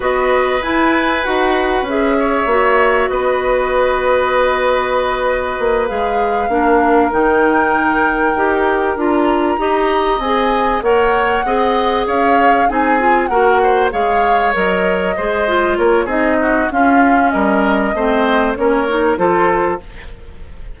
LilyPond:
<<
  \new Staff \with { instrumentName = "flute" } { \time 4/4 \tempo 4 = 97 dis''4 gis''4 fis''4 e''4~ | e''4 dis''2.~ | dis''4. f''2 g''8~ | g''2~ g''8 ais''4.~ |
ais''8 gis''4 fis''2 f''8~ | f''8 gis''4 fis''4 f''4 dis''8~ | dis''4. cis''8 dis''4 f''4 | dis''2 cis''4 c''4 | }
  \new Staff \with { instrumentName = "oboe" } { \time 4/4 b'2.~ b'8 cis''8~ | cis''4 b'2.~ | b'2~ b'8 ais'4.~ | ais'2.~ ais'8 dis''8~ |
dis''4. cis''4 dis''4 cis''8~ | cis''8 gis'4 ais'8 c''8 cis''4.~ | cis''8 c''4 ais'8 gis'8 fis'8 f'4 | ais'4 c''4 ais'4 a'4 | }
  \new Staff \with { instrumentName = "clarinet" } { \time 4/4 fis'4 e'4 fis'4 gis'4 | fis'1~ | fis'4. gis'4 d'4 dis'8~ | dis'4. g'4 f'4 g'8~ |
g'8 gis'4 ais'4 gis'4.~ | gis'8 dis'8 f'8 fis'4 gis'4 ais'8~ | ais'8 gis'8 f'4 dis'4 cis'4~ | cis'4 c'4 cis'8 dis'8 f'4 | }
  \new Staff \with { instrumentName = "bassoon" } { \time 4/4 b4 e'4 dis'4 cis'4 | ais4 b2.~ | b4 ais8 gis4 ais4 dis8~ | dis4. dis'4 d'4 dis'8~ |
dis'8 c'4 ais4 c'4 cis'8~ | cis'8 c'4 ais4 gis4 fis8~ | fis8 gis4 ais8 c'4 cis'4 | g4 a4 ais4 f4 | }
>>